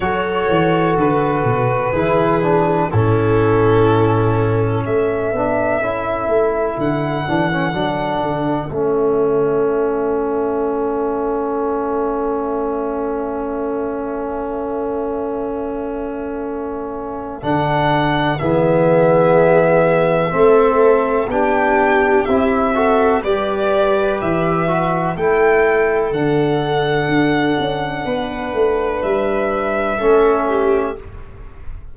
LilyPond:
<<
  \new Staff \with { instrumentName = "violin" } { \time 4/4 \tempo 4 = 62 cis''4 b'2 a'4~ | a'4 e''2 fis''4~ | fis''4 e''2.~ | e''1~ |
e''2 fis''4 e''4~ | e''2 g''4 e''4 | d''4 e''4 g''4 fis''4~ | fis''2 e''2 | }
  \new Staff \with { instrumentName = "viola" } { \time 4/4 a'2 gis'4 e'4~ | e'4 a'2.~ | a'1~ | a'1~ |
a'2. gis'4~ | gis'4 a'4 g'4. a'8 | b'2 a'2~ | a'4 b'2 a'8 g'8 | }
  \new Staff \with { instrumentName = "trombone" } { \time 4/4 fis'2 e'8 d'8 cis'4~ | cis'4. d'8 e'4. d'16 cis'16 | d'4 cis'2.~ | cis'1~ |
cis'2 d'4 b4~ | b4 c'4 d'4 e'8 fis'8 | g'4. fis'8 e'4 d'4~ | d'2. cis'4 | }
  \new Staff \with { instrumentName = "tuba" } { \time 4/4 fis8 e8 d8 b,8 e4 a,4~ | a,4 a8 b8 cis'8 a8 d8 e8 | fis8 d8 a2.~ | a1~ |
a2 d4 e4~ | e4 a4 b4 c'4 | g4 e4 a4 d4 | d'8 cis'8 b8 a8 g4 a4 | }
>>